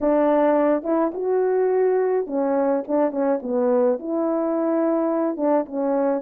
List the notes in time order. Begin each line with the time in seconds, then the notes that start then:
0.01 D4
0.83 E4
1.14 F#4
2.26 C#4
2.87 D4
3.11 C#4
3.42 B3
3.99 E4
5.36 D4
5.65 C#4